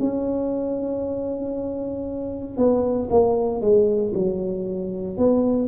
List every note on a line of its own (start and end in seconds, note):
0.00 2.57 C#4
2.57 3.09 B3
3.10 3.61 A#3
3.61 4.13 G#3
4.14 5.17 F#3
5.17 5.68 B3